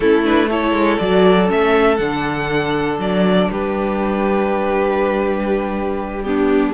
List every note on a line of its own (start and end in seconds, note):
0.00 0.71 A3
0.00 0.24 C#4
0.00 0.49 E4
0.00 0.24 A4
0.24 0.49 D4
0.24 0.49 B4
0.49 0.99 E4
0.49 3.49 A4
0.49 0.98 C#5
0.71 0.96 G#3
0.98 1.50 F#3
0.98 1.47 F#4
0.98 1.48 D5
1.47 1.99 A3
1.47 1.97 C#4
1.47 1.96 E5
1.96 2.99 D3
1.96 6.24 D4
1.96 2.96 F#5
2.99 3.49 F#3
2.99 3.51 D5
3.50 6.74 G3
3.50 6.25 G4
3.50 6.22 B4
6.22 6.74 B3
6.22 6.74 D4
6.22 6.72 G4